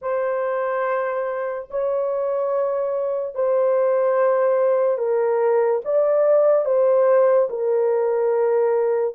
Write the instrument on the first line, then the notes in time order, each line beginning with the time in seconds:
horn
0.01 C5
1.70 C#5
3.34 C5
4.98 A#4
5.84 D5
6.65 C5
7.49 A#4